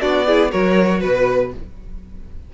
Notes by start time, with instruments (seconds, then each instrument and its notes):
0.00 cello B3, viola D4, violin F#4 D5
0.26 viola E4, violin G#4
0.50 cello F#3, viola F#4, violin A#4 C#5
0.99 cello B2, violin B4